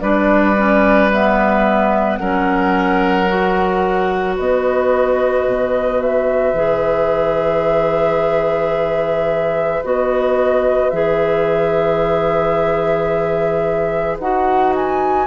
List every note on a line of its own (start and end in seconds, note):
0.00 2.19 G3
0.00 0.55 D4
0.00 2.19 B4
0.00 1.09 D5
0.56 1.10 C#4
1.12 2.20 B3
1.12 2.16 E5
2.16 4.38 F#3
2.16 3.27 C#4
2.16 4.35 A#4
2.16 4.34 F#5
3.27 6.55 F#4
4.35 5.46 B3
4.35 15.26 B4
4.35 6.01 D#5
5.46 6.53 B2
6.01 9.83 E5
6.53 9.80 E3
6.53 9.82 G#4
9.83 10.92 B3
9.83 10.92 F#4
9.83 10.90 D#5
10.90 14.19 E3
10.90 14.19 G#4
10.90 14.17 E5
14.19 15.26 D#4
14.19 15.26 F#4
14.19 14.73 F#5
14.75 15.26 G#5